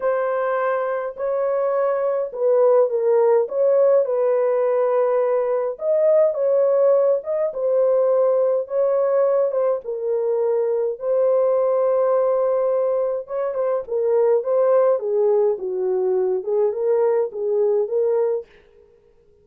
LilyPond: \new Staff \with { instrumentName = "horn" } { \time 4/4 \tempo 4 = 104 c''2 cis''2 | b'4 ais'4 cis''4 b'4~ | b'2 dis''4 cis''4~ | cis''8 dis''8 c''2 cis''4~ |
cis''8 c''8 ais'2 c''4~ | c''2. cis''8 c''8 | ais'4 c''4 gis'4 fis'4~ | fis'8 gis'8 ais'4 gis'4 ais'4 | }